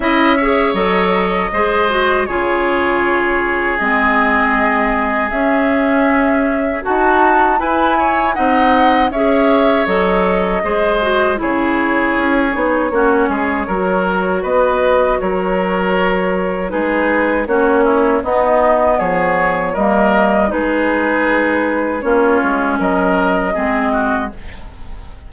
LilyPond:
<<
  \new Staff \with { instrumentName = "flute" } { \time 4/4 \tempo 4 = 79 e''4 dis''2 cis''4~ | cis''4 dis''2 e''4~ | e''4 a''4 gis''4 fis''4 | e''4 dis''2 cis''4~ |
cis''2. dis''4 | cis''2 b'4 cis''4 | dis''4 cis''4 dis''4 b'4~ | b'4 cis''4 dis''2 | }
  \new Staff \with { instrumentName = "oboe" } { \time 4/4 dis''8 cis''4. c''4 gis'4~ | gis'1~ | gis'4 fis'4 b'8 cis''8 dis''4 | cis''2 c''4 gis'4~ |
gis'4 fis'8 gis'8 ais'4 b'4 | ais'2 gis'4 fis'8 e'8 | dis'4 gis'4 ais'4 gis'4~ | gis'4 f'4 ais'4 gis'8 fis'8 | }
  \new Staff \with { instrumentName = "clarinet" } { \time 4/4 e'8 gis'8 a'4 gis'8 fis'8 f'4~ | f'4 c'2 cis'4~ | cis'4 fis'4 e'4 dis'4 | gis'4 a'4 gis'8 fis'8 e'4~ |
e'8 dis'8 cis'4 fis'2~ | fis'2 dis'4 cis'4 | b2 ais4 dis'4~ | dis'4 cis'2 c'4 | }
  \new Staff \with { instrumentName = "bassoon" } { \time 4/4 cis'4 fis4 gis4 cis4~ | cis4 gis2 cis'4~ | cis'4 dis'4 e'4 c'4 | cis'4 fis4 gis4 cis4 |
cis'8 b8 ais8 gis8 fis4 b4 | fis2 gis4 ais4 | b4 f4 g4 gis4~ | gis4 ais8 gis8 fis4 gis4 | }
>>